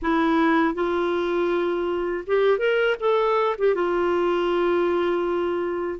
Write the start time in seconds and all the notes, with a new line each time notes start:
0.02 E4
0.74 F4
2.27 G4
2.58 A#4
3.00 A4
3.58 G4
3.74 F4